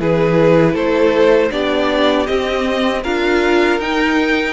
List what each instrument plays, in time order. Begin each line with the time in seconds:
0.00 cello E3, viola E4, violin G#4 B4
0.74 cello A3, violin A4 C5
1.51 cello B3, viola D4, violin G4 D5
2.27 viola C4, cello C4, violin D#5
3.03 cello D4, viola F4, violin A#4 F5
3.79 cello D#4, viola D#4, violin G5